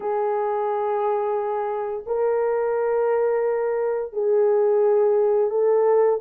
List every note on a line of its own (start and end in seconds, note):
0.00 2.04 G#4
2.06 4.13 A#4
4.13 5.50 G#4
5.50 6.19 A4